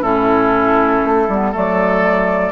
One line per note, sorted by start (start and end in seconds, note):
0.00 1.02 A2
0.00 1.28 C#4
0.00 1.51 E4
0.00 1.53 A4
1.04 1.28 A3
1.28 1.53 G3
1.28 1.52 B3
1.51 2.52 F#3
1.51 2.52 A3
1.51 2.52 A4
1.51 2.52 D5